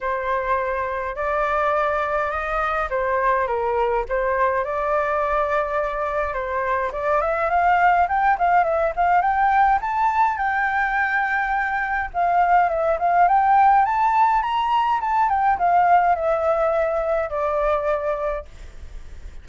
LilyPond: \new Staff \with { instrumentName = "flute" } { \time 4/4 \tempo 4 = 104 c''2 d''2 | dis''4 c''4 ais'4 c''4 | d''2. c''4 | d''8 e''8 f''4 g''8 f''8 e''8 f''8 |
g''4 a''4 g''2~ | g''4 f''4 e''8 f''8 g''4 | a''4 ais''4 a''8 g''8 f''4 | e''2 d''2 | }